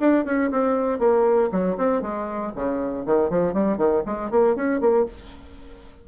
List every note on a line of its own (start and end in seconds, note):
0.00 0.25 D4
0.25 0.51 C#4
0.51 0.99 C4
0.99 1.50 A#3
1.52 1.78 F#3
1.78 2.02 C4
2.02 2.53 G#3
2.56 3.06 C#3
3.06 3.30 D#3
3.30 3.54 F3
3.54 3.78 G3
3.78 4.03 D#3
4.06 4.31 G#3
4.31 4.56 A#3
4.56 4.81 C#4
4.81 5.06 A#3